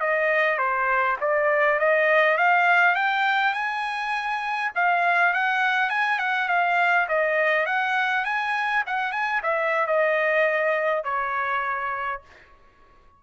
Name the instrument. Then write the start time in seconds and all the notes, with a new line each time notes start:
trumpet
0.00 D#5
0.58 C5
1.21 D5
1.79 D#5
2.38 F5
2.95 G5
3.54 G#5
4.75 F5
5.34 F#5
5.90 G#5
6.19 F#5
6.49 F5
7.09 D#5
7.66 F#5
8.25 G#5
8.86 F#5
9.12 G#5
9.43 E5
9.87 D#5
11.04 C#5